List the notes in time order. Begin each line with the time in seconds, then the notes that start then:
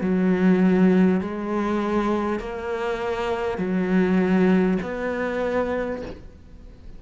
0.00 F#3
1.21 G#3
2.39 A#3
3.58 F#3
4.82 B3